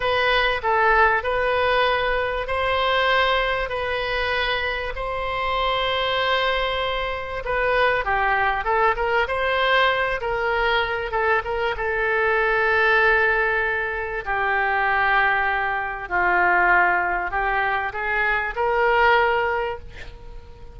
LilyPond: \new Staff \with { instrumentName = "oboe" } { \time 4/4 \tempo 4 = 97 b'4 a'4 b'2 | c''2 b'2 | c''1 | b'4 g'4 a'8 ais'8 c''4~ |
c''8 ais'4. a'8 ais'8 a'4~ | a'2. g'4~ | g'2 f'2 | g'4 gis'4 ais'2 | }